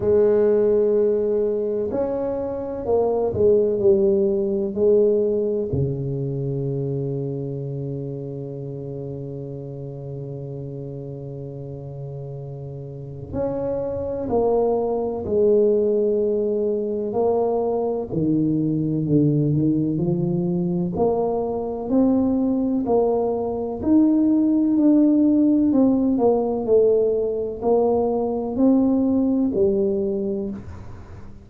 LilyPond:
\new Staff \with { instrumentName = "tuba" } { \time 4/4 \tempo 4 = 63 gis2 cis'4 ais8 gis8 | g4 gis4 cis2~ | cis1~ | cis2 cis'4 ais4 |
gis2 ais4 dis4 | d8 dis8 f4 ais4 c'4 | ais4 dis'4 d'4 c'8 ais8 | a4 ais4 c'4 g4 | }